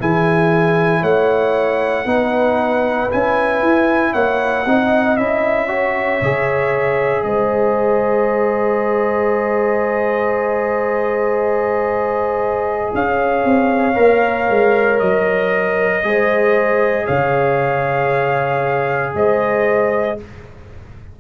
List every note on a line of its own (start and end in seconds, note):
0.00 1.03 E3
0.00 2.06 E4
0.00 1.01 G#4
0.00 1.04 G#5
1.01 2.06 A3
1.01 2.05 C#5
1.01 3.11 F#5
2.06 3.09 B3
2.06 3.10 D#4
2.06 4.13 B4
3.10 3.62 C#4
3.10 4.66 E4
3.10 4.14 G#5
3.62 4.14 E4
4.13 4.67 A#3
4.13 4.65 C#5
4.13 5.17 F#5
4.66 5.18 C4
4.66 5.18 D#4
4.66 5.68 D#5
5.17 6.22 C#4
5.17 5.68 E4
5.17 7.23 E5
5.68 6.20 F#4
5.68 7.23 C#5
6.22 7.24 C#3
6.22 13.95 G#4
7.23 12.93 G#3
7.23 12.94 C5
7.23 12.92 D#5
12.94 13.45 C#4
12.94 16.06 C#5
12.94 15.00 F5
13.45 13.97 C4
13.95 14.50 A#3
13.95 16.02 A#4
14.50 15.02 G#3
15.00 16.04 F#3
15.00 17.06 D#5
16.04 17.07 G#3
16.04 20.18 G#4
16.04 17.05 C5
17.05 19.15 C#3
17.05 19.12 C#5
17.05 19.14 F5
19.15 20.18 G#3
19.15 20.19 C5
19.15 20.20 D#5